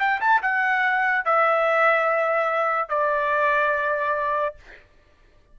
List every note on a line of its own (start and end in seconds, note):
0.00 0.21 G5
0.21 0.42 A5
0.42 1.25 F#5
1.25 2.89 E5
2.89 4.56 D5